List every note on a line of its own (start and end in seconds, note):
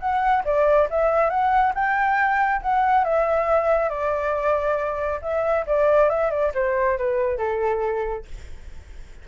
0.00 0.43 F#5
0.45 0.88 D5
0.90 1.30 E5
1.30 1.73 F#5
1.75 2.62 G5
2.62 3.05 F#5
3.05 3.90 E5
3.90 5.20 D5
5.22 5.66 E5
5.67 6.09 D5
6.09 6.31 E5
6.31 6.52 D5
6.54 6.98 C5
6.98 7.38 B4
7.38 8.25 A4